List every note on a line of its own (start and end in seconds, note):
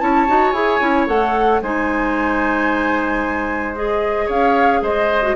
0.00 0.27 C#4
0.00 0.27 E4
0.00 1.62 C#5
0.00 0.51 A5
0.27 0.53 D#4
0.27 0.54 F#4
0.51 0.80 E4
0.51 0.80 G#4
0.51 1.05 G#5
0.80 1.07 C#4
0.80 1.07 E4
1.07 1.61 A3
1.07 1.61 A4
1.07 1.61 F#5
1.62 4.28 G#3
1.62 3.75 D#4
1.62 4.26 C5
1.62 3.75 G#5
3.75 5.22 G#4
3.75 4.29 D#5
4.26 4.81 C#4
4.26 4.79 C#5
4.26 4.83 F5
4.81 5.35 G#3
4.81 5.36 C5
4.81 5.36 D#5
5.22 5.35 F#4